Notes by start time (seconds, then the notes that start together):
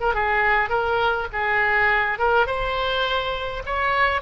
0.00 A#4
0.14 G#4
0.69 A#4
1.32 G#4
2.18 A#4
2.46 C5
3.65 C#5